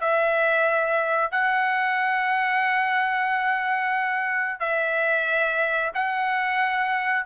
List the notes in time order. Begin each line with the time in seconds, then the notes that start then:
0.00 E5
1.31 F#5
4.59 E5
5.94 F#5